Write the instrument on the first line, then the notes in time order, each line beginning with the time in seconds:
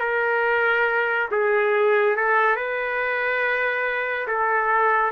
trumpet
0.00 A#4
1.31 G#4
2.16 A4
2.56 B4
4.27 A4